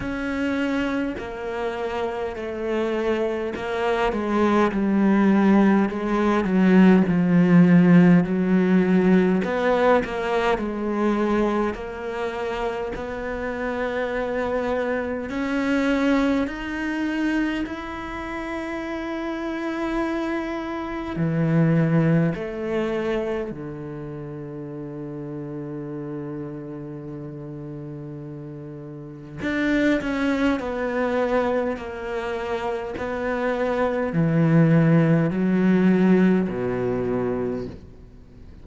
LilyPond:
\new Staff \with { instrumentName = "cello" } { \time 4/4 \tempo 4 = 51 cis'4 ais4 a4 ais8 gis8 | g4 gis8 fis8 f4 fis4 | b8 ais8 gis4 ais4 b4~ | b4 cis'4 dis'4 e'4~ |
e'2 e4 a4 | d1~ | d4 d'8 cis'8 b4 ais4 | b4 e4 fis4 b,4 | }